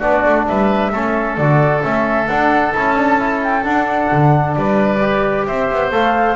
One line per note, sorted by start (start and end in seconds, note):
0.00 0.25 B3
0.00 0.93 D4
0.00 0.45 F#4
0.00 0.46 D5
0.26 0.49 A3
0.48 0.93 G3
0.48 0.92 B4
0.48 1.38 E5
0.92 1.38 A3
0.92 1.40 C#4
0.92 4.56 A4
1.38 1.83 D3
1.38 1.82 F#4
1.38 1.83 D5
1.82 2.28 A3
1.82 2.27 C#4
1.82 2.28 E5
2.28 2.74 D4
2.28 2.73 F#5
2.74 3.66 C#4
2.74 2.97 E4
2.74 3.42 A5
2.97 3.19 D4
3.19 3.64 E4
3.44 3.64 G5
3.64 5.00 D4
3.64 4.11 D4
3.64 4.55 F#5
4.12 4.56 D3
4.55 5.47 G3
4.55 5.48 B4
4.55 5.46 D5
5.02 5.92 G4
5.46 5.71 C4
5.46 6.36 C5
5.46 5.92 E5
5.71 5.92 B3
5.92 6.36 A3
5.92 6.36 A4
5.92 6.36 F5